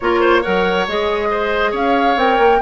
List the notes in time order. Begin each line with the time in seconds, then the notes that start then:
0.00 A#3 F4 A#4 C#5
0.20 C5
0.41 F#3 A#4 C#5 F#5
0.87 G#3 G#4 D#5
1.30 C5
1.71 C#4 C#5 F5
2.16 C4 A#4 G5
2.38 A#3